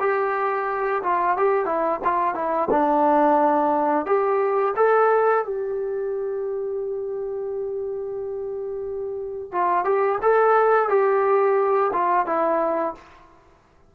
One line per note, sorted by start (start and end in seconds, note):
0.00 1.02 G4
1.04 1.37 F4
1.37 1.66 G4
1.66 2.00 E4
2.05 2.35 F4
2.35 2.69 E4
2.71 4.06 D4
4.06 4.74 G4
4.77 5.45 A4
5.45 9.52 G4
9.52 9.85 F4
9.85 10.19 G4
10.23 10.89 A4
10.89 11.92 G4
11.93 12.27 F4
12.27 12.95 E4